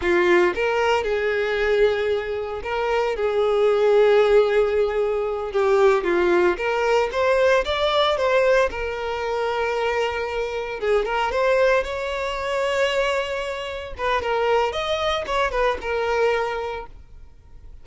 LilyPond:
\new Staff \with { instrumentName = "violin" } { \time 4/4 \tempo 4 = 114 f'4 ais'4 gis'2~ | gis'4 ais'4 gis'2~ | gis'2~ gis'8 g'4 f'8~ | f'8 ais'4 c''4 d''4 c''8~ |
c''8 ais'2.~ ais'8~ | ais'8 gis'8 ais'8 c''4 cis''4.~ | cis''2~ cis''8 b'8 ais'4 | dis''4 cis''8 b'8 ais'2 | }